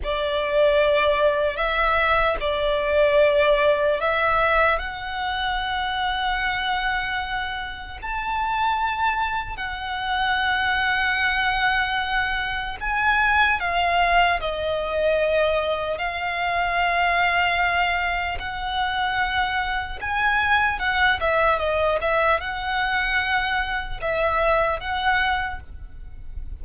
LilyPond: \new Staff \with { instrumentName = "violin" } { \time 4/4 \tempo 4 = 75 d''2 e''4 d''4~ | d''4 e''4 fis''2~ | fis''2 a''2 | fis''1 |
gis''4 f''4 dis''2 | f''2. fis''4~ | fis''4 gis''4 fis''8 e''8 dis''8 e''8 | fis''2 e''4 fis''4 | }